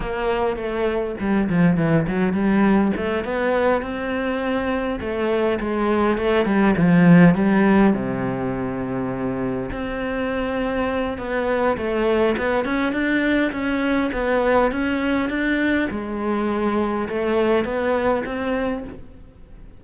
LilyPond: \new Staff \with { instrumentName = "cello" } { \time 4/4 \tempo 4 = 102 ais4 a4 g8 f8 e8 fis8 | g4 a8 b4 c'4.~ | c'8 a4 gis4 a8 g8 f8~ | f8 g4 c2~ c8~ |
c8 c'2~ c'8 b4 | a4 b8 cis'8 d'4 cis'4 | b4 cis'4 d'4 gis4~ | gis4 a4 b4 c'4 | }